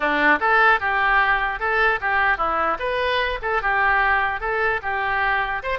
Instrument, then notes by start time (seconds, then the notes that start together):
oboe
0.00 D4
0.39 A4
0.80 G4
1.59 A4
2.00 G4
2.37 E4
2.79 B4
3.41 A4
3.61 G4
4.40 A4
4.82 G4
5.62 C5